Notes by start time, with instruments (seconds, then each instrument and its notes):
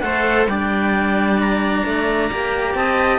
0.00 cello A3 A4, viola C5, clarinet F#5
0.46 cello G3 D4, viola D5, clarinet G5
1.40 clarinet A#5
1.85 cello A3
2.31 cello A#3 G4
2.74 cello C4, viola D#5, clarinet A5